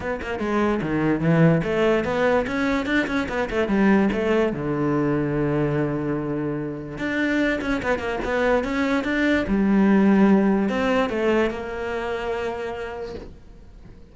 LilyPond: \new Staff \with { instrumentName = "cello" } { \time 4/4 \tempo 4 = 146 b8 ais8 gis4 dis4 e4 | a4 b4 cis'4 d'8 cis'8 | b8 a8 g4 a4 d4~ | d1~ |
d4 d'4. cis'8 b8 ais8 | b4 cis'4 d'4 g4~ | g2 c'4 a4 | ais1 | }